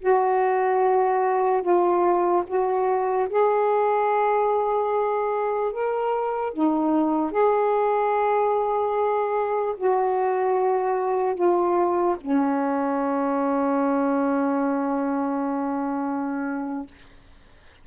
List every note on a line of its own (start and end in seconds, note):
0.00 1.62 F#4
1.63 2.44 F4
2.47 3.28 F#4
3.29 5.73 G#4
5.73 6.53 A#4
6.53 7.32 D#4
7.32 9.75 G#4
9.77 11.35 F#4
11.35 12.16 F4
12.21 16.87 C#4